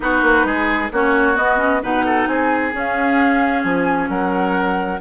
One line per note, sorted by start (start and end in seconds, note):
0.00 0.22 B3
0.00 0.88 D#4
0.00 0.46 F#4
0.00 0.91 B4
0.22 0.44 A#3
0.44 0.89 G#3
0.44 0.92 G#4
0.92 1.37 A#3
0.92 1.34 C#4
0.92 1.82 F#4
0.92 1.36 C#5
1.34 1.57 B3
1.34 1.83 B3
1.34 1.82 D#5
1.57 1.79 C#4
1.82 2.27 B2
1.82 2.72 D#4
1.82 2.05 B4
1.82 2.27 F#5
2.05 2.28 A4
2.27 2.72 C4
2.27 4.10 G#4
2.27 2.72 G#5
2.72 4.99 C#4
2.72 3.64 C#4
2.72 3.62 F5
3.62 4.08 F3
3.62 4.08 G#5
4.08 4.99 F#3
4.08 5.00 A#4
4.08 5.00 F#5